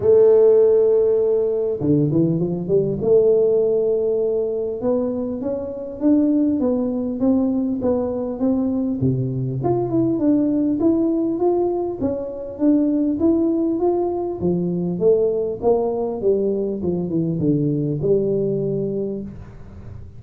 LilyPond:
\new Staff \with { instrumentName = "tuba" } { \time 4/4 \tempo 4 = 100 a2. d8 e8 | f8 g8 a2. | b4 cis'4 d'4 b4 | c'4 b4 c'4 c4 |
f'8 e'8 d'4 e'4 f'4 | cis'4 d'4 e'4 f'4 | f4 a4 ais4 g4 | f8 e8 d4 g2 | }